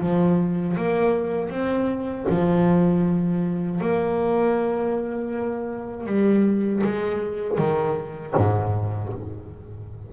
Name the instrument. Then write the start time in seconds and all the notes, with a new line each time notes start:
double bass
0.00 F3
0.76 A#3
1.49 C4
2.29 F3
3.80 A#3
6.06 G3
6.83 G#3
7.57 D#3
8.36 G#2